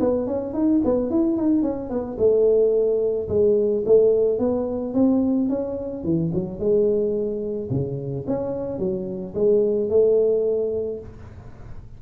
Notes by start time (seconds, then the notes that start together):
0.00 B3
0.27 C#4
0.54 D#4
0.84 B3
1.10 E4
1.37 D#4
1.62 C#4
1.89 B3
2.18 A3
3.29 G#3
3.86 A3
4.39 B3
4.94 C4
5.49 C#4
6.04 E3
6.34 F#3
6.59 G#3
7.71 C#3
8.27 C#4
8.79 F#3
9.35 G#3
9.90 A3